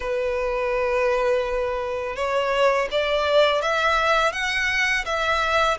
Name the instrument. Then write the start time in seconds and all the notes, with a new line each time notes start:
violin
0.00 B4
2.16 C#5
2.91 D5
3.61 E5
4.32 F#5
5.05 E5